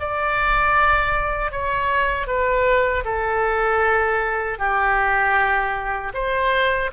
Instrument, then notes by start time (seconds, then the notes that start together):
oboe
0.00 D5
1.51 C#5
2.27 B4
3.05 A4
4.59 G4
6.14 C5